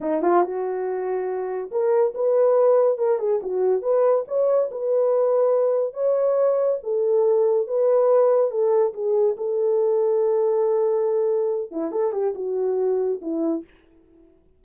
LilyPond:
\new Staff \with { instrumentName = "horn" } { \time 4/4 \tempo 4 = 141 dis'8 f'8 fis'2. | ais'4 b'2 ais'8 gis'8 | fis'4 b'4 cis''4 b'4~ | b'2 cis''2 |
a'2 b'2 | a'4 gis'4 a'2~ | a'2.~ a'8 e'8 | a'8 g'8 fis'2 e'4 | }